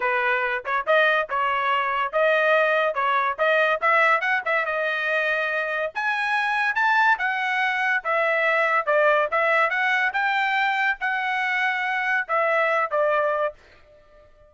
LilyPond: \new Staff \with { instrumentName = "trumpet" } { \time 4/4 \tempo 4 = 142 b'4. cis''8 dis''4 cis''4~ | cis''4 dis''2 cis''4 | dis''4 e''4 fis''8 e''8 dis''4~ | dis''2 gis''2 |
a''4 fis''2 e''4~ | e''4 d''4 e''4 fis''4 | g''2 fis''2~ | fis''4 e''4. d''4. | }